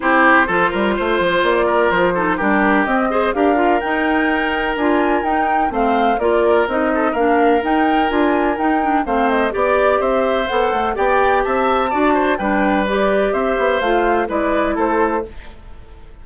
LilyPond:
<<
  \new Staff \with { instrumentName = "flute" } { \time 4/4 \tempo 4 = 126 c''2. d''4 | c''4 ais'4 dis''4 f''4 | g''2 gis''4 g''4 | f''4 d''4 dis''4 f''4 |
g''4 gis''4 g''4 f''8 dis''8 | d''4 e''4 fis''4 g''4 | a''2 g''4 d''4 | e''4 f''4 d''4 c''4 | }
  \new Staff \with { instrumentName = "oboe" } { \time 4/4 g'4 a'8 ais'8 c''4. ais'8~ | ais'8 a'8 g'4. c''8 ais'4~ | ais'1 | c''4 ais'4. a'8 ais'4~ |
ais'2. c''4 | d''4 c''2 d''4 | e''4 d''8 c''8 b'2 | c''2 b'4 a'4 | }
  \new Staff \with { instrumentName = "clarinet" } { \time 4/4 e'4 f'2.~ | f'8 dis'8 d'4 c'8 gis'8 g'8 f'8 | dis'2 f'4 dis'4 | c'4 f'4 dis'4 d'4 |
dis'4 f'4 dis'8 d'8 c'4 | g'2 a'4 g'4~ | g'4 fis'4 d'4 g'4~ | g'4 f'4 e'2 | }
  \new Staff \with { instrumentName = "bassoon" } { \time 4/4 c'4 f8 g8 a8 f8 ais4 | f4 g4 c'4 d'4 | dis'2 d'4 dis'4 | a4 ais4 c'4 ais4 |
dis'4 d'4 dis'4 a4 | b4 c'4 b8 a8 b4 | c'4 d'4 g2 | c'8 b8 a4 gis4 a4 | }
>>